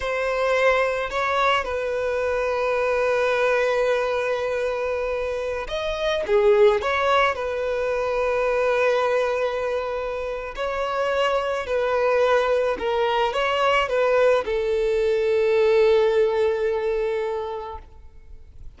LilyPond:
\new Staff \with { instrumentName = "violin" } { \time 4/4 \tempo 4 = 108 c''2 cis''4 b'4~ | b'1~ | b'2~ b'16 dis''4 gis'8.~ | gis'16 cis''4 b'2~ b'8.~ |
b'2. cis''4~ | cis''4 b'2 ais'4 | cis''4 b'4 a'2~ | a'1 | }